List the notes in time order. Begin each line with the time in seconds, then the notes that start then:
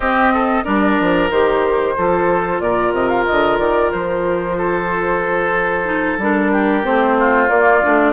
0.00 C4 G4 D#5
0.33 A4
0.64 G3 D4 A#4 D5
1.00 F3
1.30 D#3 G4 C5
1.95 F3 F4 A4
2.59 A#2 A#4 D5
2.92 C3 D#5
3.08 F5
3.25 D3 D#5
3.58 D#3 D5
3.91 F3 C5
4.57 A4
5.85 D#4
6.18 G3 D4 A#4
6.51 G4
6.83 A3 C4 C5
7.18 F4
7.48 A#3 D5
7.82 A3 D4